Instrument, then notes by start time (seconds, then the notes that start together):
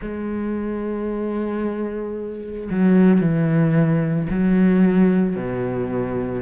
cello
0.01 G#3
2.70 F#3
3.20 E3
4.30 F#3
5.36 B2